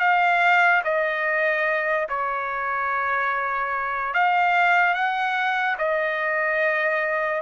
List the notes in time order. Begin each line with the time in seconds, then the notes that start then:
0.00 F5
0.84 D#5
2.09 C#5
4.14 F5
4.94 F#5
5.78 D#5